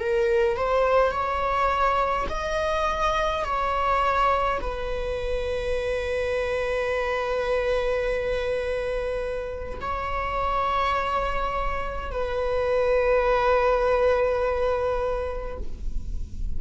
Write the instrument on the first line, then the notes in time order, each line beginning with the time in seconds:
viola
0.00 A#4
0.57 C5
1.12 C#5
2.30 D#5
3.45 C#5
4.61 B4
9.81 C#5
12.12 B4